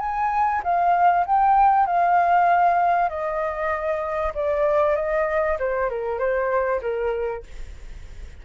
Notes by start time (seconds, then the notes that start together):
0.00 G#5
0.63 F5
1.26 G5
1.86 F5
3.09 D#5
4.34 D5
4.95 D#5
5.59 C5
5.90 A#4
6.19 C5
6.82 A#4